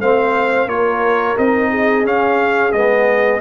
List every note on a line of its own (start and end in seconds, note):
0.00 0.66 A3
0.00 0.69 C4
0.00 0.69 C5
0.00 0.69 F5
0.66 1.35 A#3
0.66 1.37 F4
0.66 1.71 A#4
0.66 1.37 C#5
1.38 2.06 C4
1.38 2.05 D#4
1.38 2.06 D#5
1.71 3.41 G#4
2.05 2.73 C#4
2.05 2.73 F5
2.73 3.41 G#3
2.73 3.41 B3
2.73 3.41 D#5